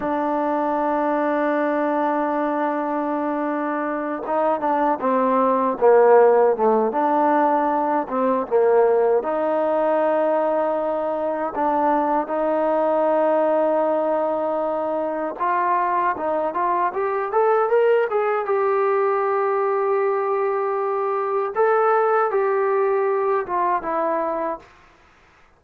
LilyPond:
\new Staff \with { instrumentName = "trombone" } { \time 4/4 \tempo 4 = 78 d'1~ | d'4. dis'8 d'8 c'4 ais8~ | ais8 a8 d'4. c'8 ais4 | dis'2. d'4 |
dis'1 | f'4 dis'8 f'8 g'8 a'8 ais'8 gis'8 | g'1 | a'4 g'4. f'8 e'4 | }